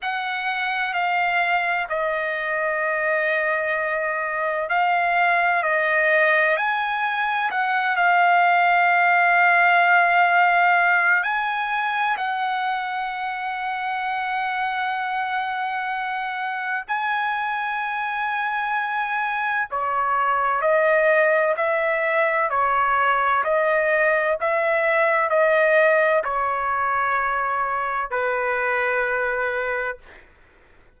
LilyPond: \new Staff \with { instrumentName = "trumpet" } { \time 4/4 \tempo 4 = 64 fis''4 f''4 dis''2~ | dis''4 f''4 dis''4 gis''4 | fis''8 f''2.~ f''8 | gis''4 fis''2.~ |
fis''2 gis''2~ | gis''4 cis''4 dis''4 e''4 | cis''4 dis''4 e''4 dis''4 | cis''2 b'2 | }